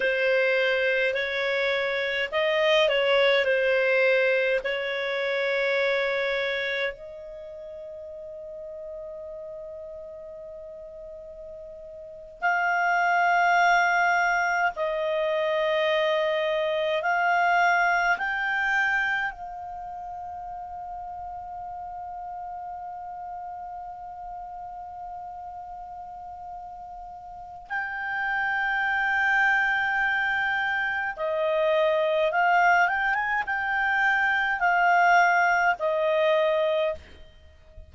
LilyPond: \new Staff \with { instrumentName = "clarinet" } { \time 4/4 \tempo 4 = 52 c''4 cis''4 dis''8 cis''8 c''4 | cis''2 dis''2~ | dis''2~ dis''8. f''4~ f''16~ | f''8. dis''2 f''4 g''16~ |
g''8. f''2.~ f''16~ | f''1 | g''2. dis''4 | f''8 g''16 gis''16 g''4 f''4 dis''4 | }